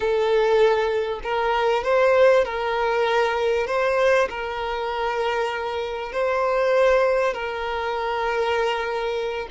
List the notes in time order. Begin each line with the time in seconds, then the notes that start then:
0.00 A4
1.23 A#4
1.83 C5
2.45 A#4
3.67 C5
4.29 A#4
6.12 C5
7.33 A#4